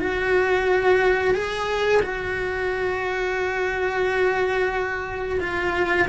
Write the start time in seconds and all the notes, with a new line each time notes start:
0.00 F#4
1.34 G#4
2.02 F#4
5.40 F4